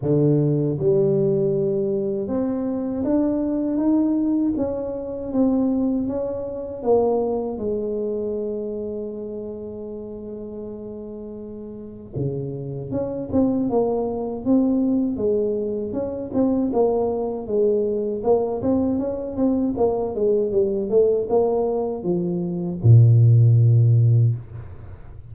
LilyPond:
\new Staff \with { instrumentName = "tuba" } { \time 4/4 \tempo 4 = 79 d4 g2 c'4 | d'4 dis'4 cis'4 c'4 | cis'4 ais4 gis2~ | gis1 |
cis4 cis'8 c'8 ais4 c'4 | gis4 cis'8 c'8 ais4 gis4 | ais8 c'8 cis'8 c'8 ais8 gis8 g8 a8 | ais4 f4 ais,2 | }